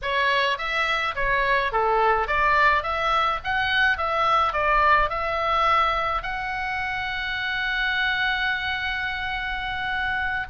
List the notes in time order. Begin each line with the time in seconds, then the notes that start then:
0.02 C#5
0.58 E5
1.15 C#5
1.71 A4
2.27 D5
2.83 E5
3.44 F#5
3.97 E5
4.53 D5
5.09 E5
6.22 F#5